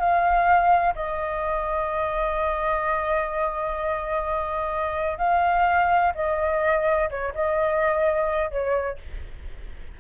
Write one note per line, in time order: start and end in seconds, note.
0.00 0.94 F5
0.96 5.19 D#5
5.19 6.13 F5
6.15 7.10 D#5
7.11 7.34 C#5
7.35 8.51 D#5
8.51 8.98 C#5